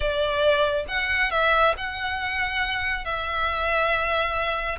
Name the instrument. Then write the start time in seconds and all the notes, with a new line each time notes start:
violin
0.00 D5
0.88 F#5
1.30 E5
1.77 F#5
3.04 E5